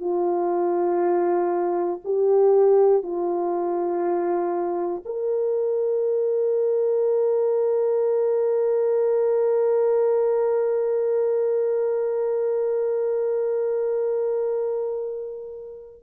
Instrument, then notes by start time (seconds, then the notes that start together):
horn
0.00 F4
2.04 G4
3.03 F4
5.05 A#4